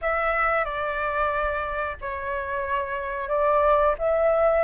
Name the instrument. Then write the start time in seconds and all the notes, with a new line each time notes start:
flute
0.01 E5
0.64 D5
2.01 C#5
3.28 D5
3.98 E5